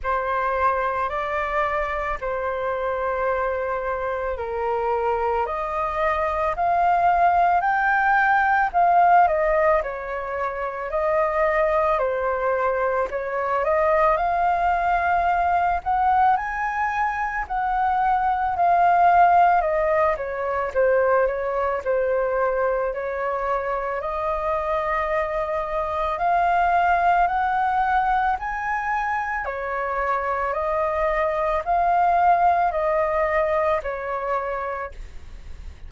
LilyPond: \new Staff \with { instrumentName = "flute" } { \time 4/4 \tempo 4 = 55 c''4 d''4 c''2 | ais'4 dis''4 f''4 g''4 | f''8 dis''8 cis''4 dis''4 c''4 | cis''8 dis''8 f''4. fis''8 gis''4 |
fis''4 f''4 dis''8 cis''8 c''8 cis''8 | c''4 cis''4 dis''2 | f''4 fis''4 gis''4 cis''4 | dis''4 f''4 dis''4 cis''4 | }